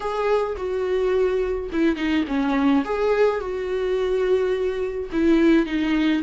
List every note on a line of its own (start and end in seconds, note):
0.00 0.56 G#4
0.57 1.70 F#4
1.72 1.96 E4
1.96 2.24 D#4
2.27 2.84 C#4
2.85 3.40 G#4
3.40 5.10 F#4
5.12 5.66 E4
5.66 6.22 D#4